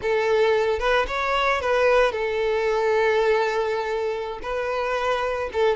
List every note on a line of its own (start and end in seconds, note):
0.01 0.79 A4
0.79 1.06 B4
1.07 1.61 C#5
1.61 2.12 B4
2.12 4.39 A4
4.42 5.49 B4
5.52 5.76 A4